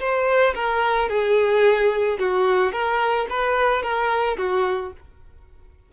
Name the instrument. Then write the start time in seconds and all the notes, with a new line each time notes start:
violin
0.00 C5
0.55 A#4
1.09 G#4
2.19 F#4
2.72 A#4
3.30 B4
3.83 A#4
4.38 F#4